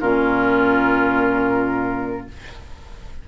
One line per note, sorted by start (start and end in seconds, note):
0.00 2.27 A#2
0.00 2.28 C#4
0.00 2.26 F4
0.00 2.27 A#4